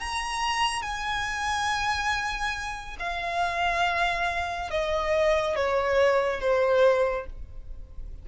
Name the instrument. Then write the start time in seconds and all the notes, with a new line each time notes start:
violin
0.00 A#5
0.82 G#5
3.00 F5
4.70 D#5
5.56 C#5
6.41 C5